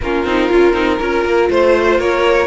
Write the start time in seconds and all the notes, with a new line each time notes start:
0.01 A#3 C#4 F4 A#4
0.24 C4 D#4
0.49 C#4 F4
0.73 C4 D#4
0.98 C#4 F4 A#4
1.24 A#3
1.49 A3 C5
1.98 A#3 A#4 C#5